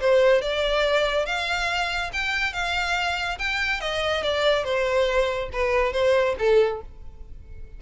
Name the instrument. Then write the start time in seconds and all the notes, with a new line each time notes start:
violin
0.00 C5
0.41 D5
1.26 F5
2.13 G5
2.53 F5
3.38 G5
3.81 D#5
4.23 D5
4.64 C5
5.53 B4
5.92 C5
6.38 A4